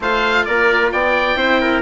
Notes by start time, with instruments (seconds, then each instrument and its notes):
0.00 bassoon A3, cello F4, trumpet C5, oboe F5
0.45 bassoon A#3, trumpet A#4, oboe D5
0.91 bassoon B3, trumpet D5, oboe G5
1.36 bassoon C4, cello E4, trumpet C5
1.61 trumpet A#4